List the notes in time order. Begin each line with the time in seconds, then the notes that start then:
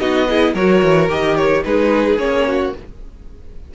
0.00 B3 D#4 F#4 D#5
0.30 E4 G#4
0.54 F#3 F#4 A#4 C#5
0.83 E3
1.09 D#3 G4 D#5
1.37 C#5
1.65 G#3 D#4 G#4 B4
2.18 A#3 C#4 C#5
2.47 F#4